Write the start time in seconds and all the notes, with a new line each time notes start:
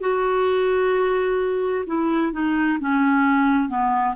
0.00 F#4
1.86 E4
2.32 D#4
2.79 C#4
3.68 B3